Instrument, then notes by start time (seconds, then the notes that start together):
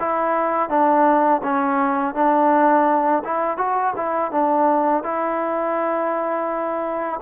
trombone
0.00 E4
0.69 D4
1.43 C#4
2.15 D4
3.24 E4
3.58 F#4
3.96 E4
4.31 D4
5.03 E4